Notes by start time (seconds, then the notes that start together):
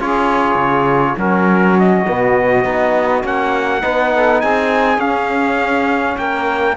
0.00 C#4 F4 G#4 C#5
0.55 C#3
1.17 F#3 C#4 F#4 A#4
1.79 D#5
2.07 B2 B3
2.64 B3 D#4
3.22 A#3 C#4 F#5
3.81 B3 D#4 B4
4.14 A4
4.40 C4 G#4 G#5
4.98 C#4 F5
6.18 A#3 A#4 G5